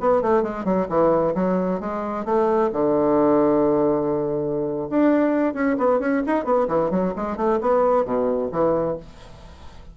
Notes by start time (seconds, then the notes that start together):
0.00 B3
0.22 A3
0.42 G#3
0.64 F#3
0.89 E3
1.35 F#3
1.80 G#3
2.25 A3
2.72 D3
4.89 D4
5.54 C#4
5.77 B3
5.99 C#4
6.26 D#4
6.44 B3
6.67 E3
6.90 F#3
7.15 G#3
7.36 A3
7.61 B3
8.05 B2
8.51 E3